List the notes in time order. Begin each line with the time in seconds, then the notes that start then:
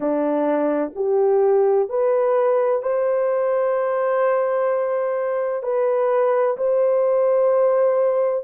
0.00 D4
0.95 G4
1.89 B4
2.82 C5
5.62 B4
6.57 C5